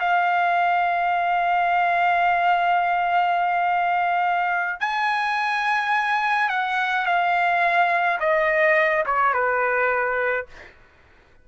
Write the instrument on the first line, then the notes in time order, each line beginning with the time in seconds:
trumpet
0.00 F5
4.80 G#5
6.49 F#5
7.06 F5
8.20 D#5
9.06 C#5
9.33 B4